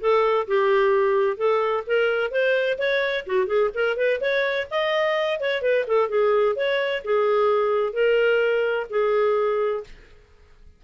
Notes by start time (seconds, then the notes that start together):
0.00 A4
0.47 G4
1.37 A4
1.86 A#4
2.31 C5
2.78 C#5
3.26 F#4
3.47 G#4
3.74 A#4
3.97 B4
4.20 C#5
4.70 D#5
5.40 C#5
5.62 B4
5.87 A4
6.09 G#4
6.55 C#5
7.04 G#4
7.93 A#4
8.90 G#4